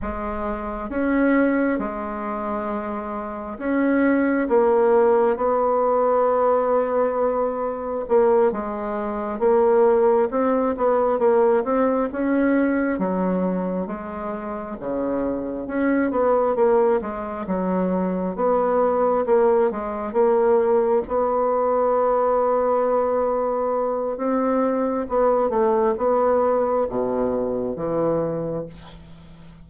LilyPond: \new Staff \with { instrumentName = "bassoon" } { \time 4/4 \tempo 4 = 67 gis4 cis'4 gis2 | cis'4 ais4 b2~ | b4 ais8 gis4 ais4 c'8 | b8 ais8 c'8 cis'4 fis4 gis8~ |
gis8 cis4 cis'8 b8 ais8 gis8 fis8~ | fis8 b4 ais8 gis8 ais4 b8~ | b2. c'4 | b8 a8 b4 b,4 e4 | }